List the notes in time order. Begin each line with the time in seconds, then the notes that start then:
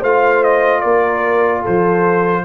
0.00 A3 F4 C5 F5
0.43 D#5
0.80 A#3 A#4 D5
1.61 A4 C5
1.67 F3